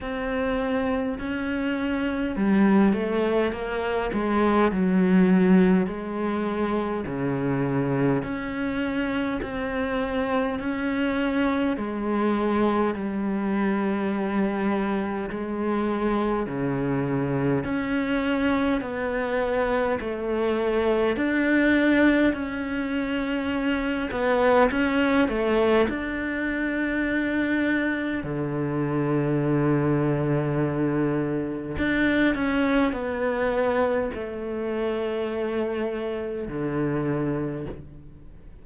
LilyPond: \new Staff \with { instrumentName = "cello" } { \time 4/4 \tempo 4 = 51 c'4 cis'4 g8 a8 ais8 gis8 | fis4 gis4 cis4 cis'4 | c'4 cis'4 gis4 g4~ | g4 gis4 cis4 cis'4 |
b4 a4 d'4 cis'4~ | cis'8 b8 cis'8 a8 d'2 | d2. d'8 cis'8 | b4 a2 d4 | }